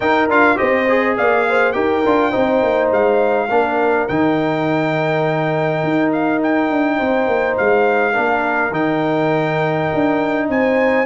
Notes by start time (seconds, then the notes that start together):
0.00 D#4 A#4 G5
0.28 D4 F4 F5
0.55 C4 G4 C5 D#5
0.88 G#4
1.17 A#3 D5 F5
1.48 C5
1.72 D#4 G4 A#4 G5
2.05 D4 F4
2.30 C4 D#4 C5
2.62 A#3
2.91 G#3 F5
3.49 A#3 D4 A#4
4.08 D#3 D#4 G5
5.83 D#4
6.12 F5
6.43 G5
6.70 D4
6.97 C4 C5
7.27 A#3
7.57 G#3 F5
8.13 A#3 D4 A#4
8.71 D#3 D#4 G5
9.94 D4
10.48 C4 C5 G#5